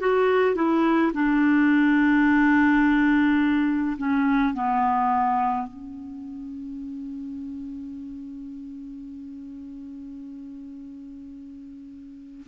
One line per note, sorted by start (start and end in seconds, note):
0.00 0.55 F#4
0.55 1.12 E4
1.13 3.96 D4
3.97 4.53 C#4
4.53 5.67 B3
5.67 12.46 C#4